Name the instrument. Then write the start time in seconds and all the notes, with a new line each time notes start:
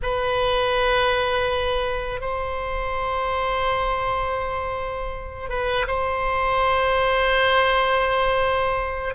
oboe
0.02 B4
2.20 C5
5.49 B4
5.87 C5